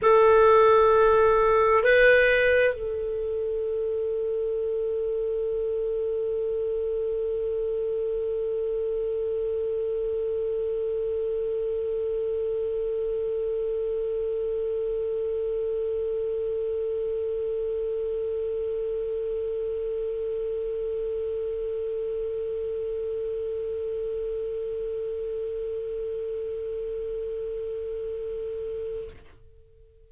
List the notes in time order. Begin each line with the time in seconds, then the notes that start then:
0.02 A4
1.83 B4
2.73 A4